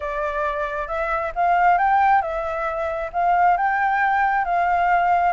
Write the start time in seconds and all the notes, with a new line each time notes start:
0.00 D5
0.87 E5
1.35 F5
1.78 G5
2.21 E5
3.12 F5
3.57 G5
4.44 F5